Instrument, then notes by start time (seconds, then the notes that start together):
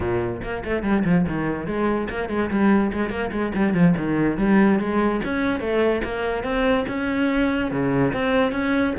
cello
0.00 A#2
0.43 A#3
0.64 A3
0.82 G3
1.04 F3
1.27 D#3
1.66 G#3
2.09 A#3
2.29 G#3
2.50 G3
2.92 G#3
3.10 A#3
3.31 G#3
3.55 G3
3.73 F3
3.97 D#3
4.37 G3
4.79 G#3
5.24 C#4
5.59 A3
6.04 A#3
6.43 C4
6.88 C#4
7.71 C#3
8.13 C4
8.52 C#4